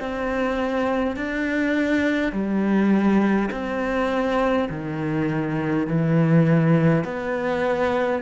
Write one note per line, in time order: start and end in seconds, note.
0.00 1.17 C4
1.17 2.33 D4
2.33 3.50 G3
3.51 4.69 C4
4.70 5.87 D#3
5.87 7.05 E3
7.05 8.22 B3